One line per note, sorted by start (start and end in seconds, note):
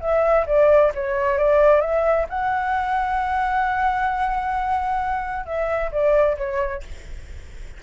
0.00 0.45 E5
0.46 0.92 D5
0.94 1.38 C#5
1.38 1.80 D5
1.80 2.26 E5
2.29 5.45 F#5
5.45 5.91 E5
5.91 6.37 D5
6.37 6.82 C#5